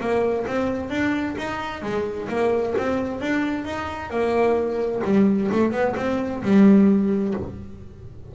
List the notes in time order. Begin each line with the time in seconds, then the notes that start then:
0.00 A#3
0.47 C4
0.90 D4
1.37 D#4
1.82 G#3
2.29 A#3
2.78 C4
3.20 D4
3.65 D#4
4.10 A#3
5.04 G3
5.51 A3
5.71 B3
5.96 C4
6.42 G3